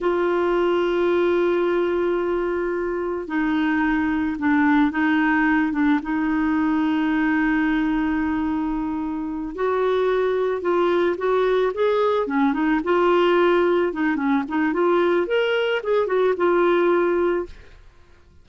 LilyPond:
\new Staff \with { instrumentName = "clarinet" } { \time 4/4 \tempo 4 = 110 f'1~ | f'2 dis'2 | d'4 dis'4. d'8 dis'4~ | dis'1~ |
dis'4. fis'2 f'8~ | f'8 fis'4 gis'4 cis'8 dis'8 f'8~ | f'4. dis'8 cis'8 dis'8 f'4 | ais'4 gis'8 fis'8 f'2 | }